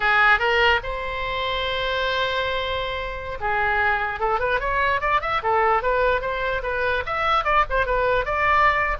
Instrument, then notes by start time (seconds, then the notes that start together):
oboe
0.00 G#4
0.39 A#4
0.83 C5
3.40 G#4
4.19 A4
4.39 B4
4.59 C#5
5.01 D5
5.21 E5
5.42 A4
5.82 B4
6.21 C5
6.62 B4
7.06 E5
7.44 D5
7.69 C5
7.86 B4
8.25 D5